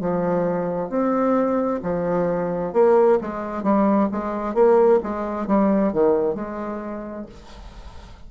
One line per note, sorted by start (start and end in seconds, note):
0.00 0.90 F3
0.90 1.81 C4
1.83 2.73 F3
2.73 3.19 A#3
3.21 3.63 G#3
3.63 4.09 G3
4.12 4.54 G#3
4.54 5.00 A#3
5.03 5.47 G#3
5.47 5.93 G3
5.93 6.35 D#3
6.35 7.26 G#3